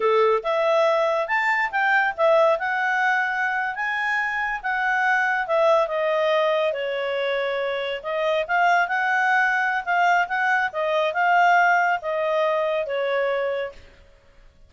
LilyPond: \new Staff \with { instrumentName = "clarinet" } { \time 4/4 \tempo 4 = 140 a'4 e''2 a''4 | g''4 e''4 fis''2~ | fis''8. gis''2 fis''4~ fis''16~ | fis''8. e''4 dis''2 cis''16~ |
cis''2~ cis''8. dis''4 f''16~ | f''8. fis''2~ fis''16 f''4 | fis''4 dis''4 f''2 | dis''2 cis''2 | }